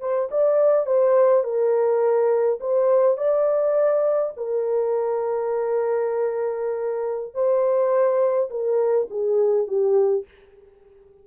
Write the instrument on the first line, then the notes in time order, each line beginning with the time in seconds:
horn
0.00 C5
0.31 D5
0.86 C5
1.44 A#4
2.60 C5
3.17 D5
4.36 A#4
7.34 C5
8.50 A#4
9.10 G#4
9.67 G4